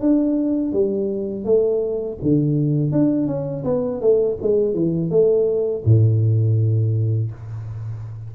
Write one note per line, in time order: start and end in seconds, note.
0.00 0.72 D4
0.72 1.44 G3
1.44 2.18 A3
2.22 2.92 D3
2.92 3.27 D4
3.27 3.64 C#4
3.64 4.01 B3
4.01 4.37 A3
4.42 4.74 G#3
4.74 5.10 E3
5.10 5.83 A3
5.85 7.31 A2